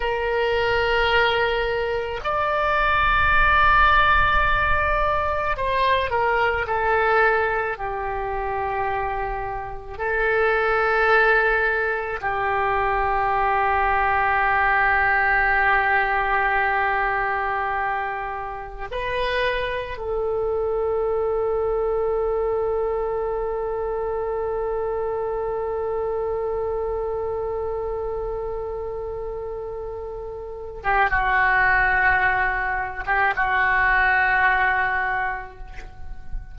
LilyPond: \new Staff \with { instrumentName = "oboe" } { \time 4/4 \tempo 4 = 54 ais'2 d''2~ | d''4 c''8 ais'8 a'4 g'4~ | g'4 a'2 g'4~ | g'1~ |
g'4 b'4 a'2~ | a'1~ | a'2.~ a'8. g'16 | fis'4.~ fis'16 g'16 fis'2 | }